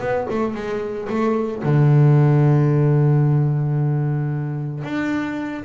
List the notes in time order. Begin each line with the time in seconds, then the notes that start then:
0.00 B3
0.30 A3
0.54 G#3
1.09 A3
1.63 D3
4.84 D4